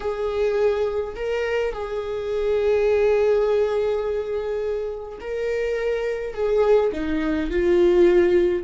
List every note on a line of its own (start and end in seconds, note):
0.00 1.15 G#4
1.15 1.72 A#4
1.72 5.18 G#4
5.20 6.33 A#4
6.33 6.91 G#4
6.92 7.50 D#4
7.50 8.63 F4